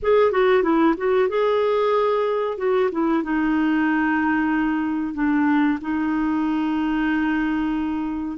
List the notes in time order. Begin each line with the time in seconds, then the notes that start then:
0.02 G#4
0.31 F#4
0.62 E4
0.97 F#4
1.28 G#4
2.57 F#4
2.91 E4
3.23 D#4
5.14 D4
5.81 D#4